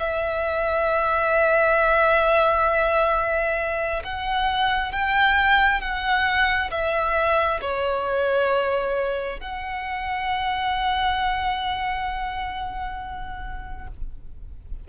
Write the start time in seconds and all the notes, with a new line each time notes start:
0.00 E5
4.04 F#5
4.93 G5
5.81 F#5
6.71 E5
7.62 C#5
9.40 F#5